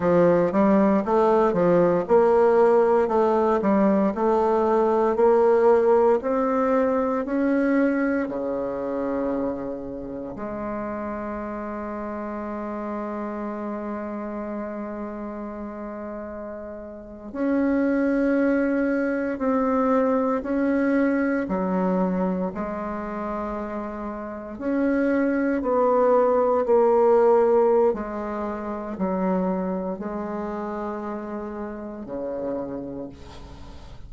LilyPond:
\new Staff \with { instrumentName = "bassoon" } { \time 4/4 \tempo 4 = 58 f8 g8 a8 f8 ais4 a8 g8 | a4 ais4 c'4 cis'4 | cis2 gis2~ | gis1~ |
gis8. cis'2 c'4 cis'16~ | cis'8. fis4 gis2 cis'16~ | cis'8. b4 ais4~ ais16 gis4 | fis4 gis2 cis4 | }